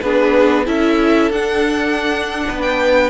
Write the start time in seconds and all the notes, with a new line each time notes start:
0.00 B3 D4 G#4 B4
0.66 C#4 E4 A4 E5
1.31 D4 F#5
2.47 B3 B4
2.62 G5